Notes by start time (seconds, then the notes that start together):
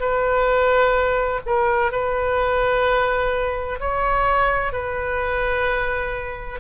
0.00 B4
1.46 A#4
1.92 B4
3.80 C#5
4.72 B4